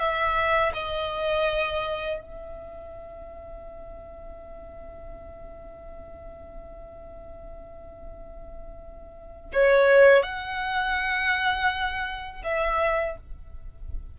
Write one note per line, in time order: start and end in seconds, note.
0.00 0.73 E5
0.74 2.21 D#5
2.21 9.52 E5
9.53 10.23 C#5
10.23 12.43 F#5
12.44 13.17 E5